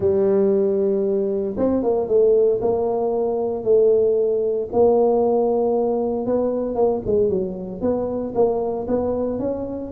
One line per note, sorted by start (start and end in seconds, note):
0.00 1.56 G3
1.57 1.83 C4
1.83 2.08 A#3
2.08 2.60 A3
2.61 3.64 A#3
3.64 4.68 A3
4.72 6.25 A#3
6.25 6.75 B3
6.75 7.01 A#3
7.06 7.29 G#3
7.29 7.81 F#3
7.81 8.33 B3
8.34 8.86 A#3
8.87 9.39 B3
9.39 9.91 C#4